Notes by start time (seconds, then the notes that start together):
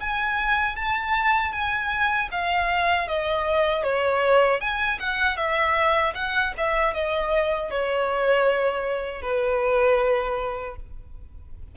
0.00 G#5
0.76 A5
1.52 G#5
2.31 F5
3.08 D#5
3.84 C#5
4.60 G#5
4.99 F#5
5.36 E5
6.15 F#5
6.57 E5
6.94 D#5
7.71 C#5
9.22 B4